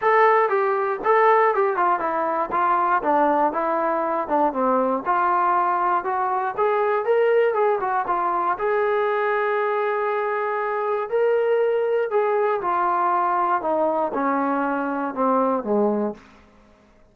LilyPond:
\new Staff \with { instrumentName = "trombone" } { \time 4/4 \tempo 4 = 119 a'4 g'4 a'4 g'8 f'8 | e'4 f'4 d'4 e'4~ | e'8 d'8 c'4 f'2 | fis'4 gis'4 ais'4 gis'8 fis'8 |
f'4 gis'2.~ | gis'2 ais'2 | gis'4 f'2 dis'4 | cis'2 c'4 gis4 | }